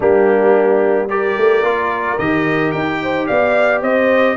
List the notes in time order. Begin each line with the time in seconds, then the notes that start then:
0.00 G3 A#3 D4 G4
1.09 G4 A#4 D5
1.36 A3
1.62 A#3 F4
2.18 D#3 G4 D#5
2.71 D#4 G5
3.02 C5
3.26 B3 D5 F5
3.81 C4 C5 D#5